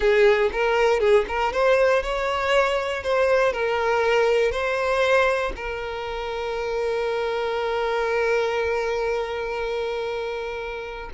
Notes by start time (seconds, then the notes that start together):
0.00 G#4
0.52 A#4
1.00 G#4
1.28 A#4
1.52 C5
2.03 C#5
3.03 C5
3.52 A#4
4.51 C5
5.56 A#4